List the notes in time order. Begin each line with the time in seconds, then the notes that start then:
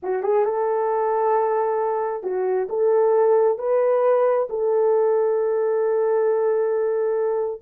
0.02 F#4
0.22 G#4
0.44 A4
2.23 F#4
2.69 A4
3.58 B4
4.49 A4